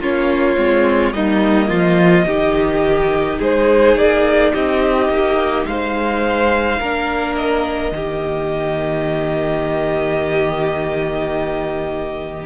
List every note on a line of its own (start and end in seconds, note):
0.00 0.57 A#3
0.00 0.57 C#4
0.00 1.14 F4
0.00 1.13 C#5
0.57 1.14 G#3
0.57 1.14 C4
1.13 1.70 G3
1.13 2.28 A#3
1.13 1.68 D#4
1.13 3.40 D#5
1.68 2.26 F3
1.68 2.25 F4
2.26 3.39 D#3
2.26 6.81 D#4
2.26 3.39 G4
3.39 3.96 G#3
3.39 4.52 G#4
3.39 3.98 C5
3.96 4.53 A#3
3.96 4.54 D5
4.54 5.09 C4
4.54 5.67 G4
4.54 5.66 D#5
5.09 5.66 A#3
5.66 6.80 G#3
5.66 6.80 C5
5.66 7.36 F5
6.80 7.92 A#3
6.80 7.94 D4
6.80 7.93 A#4
7.36 12.46 D#5
7.92 12.45 D#3
7.92 12.46 A#3
7.92 12.46 G4